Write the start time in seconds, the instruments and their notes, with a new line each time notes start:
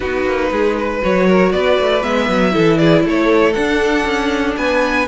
0.00 cello B3, viola D#4, violin F#4 B4
0.25 cello A#3
0.51 cello G#3, violin G#4
0.78 violin B4
1.01 cello F#3, viola F#4, violin C#5
1.27 violin A#4
1.52 cello B3, violin B4 D5
1.79 cello A3
2.02 cello G#3, viola B3, violin E5
2.28 cello F#3
2.51 cello E3, viola E4, violin A4
2.77 violin G#4 D5
3.04 cello A3, violin A4 C#5
3.53 viola D4, cello D4, violin F#5
4.04 cello C#4
4.57 cello B3, violin B4 G#5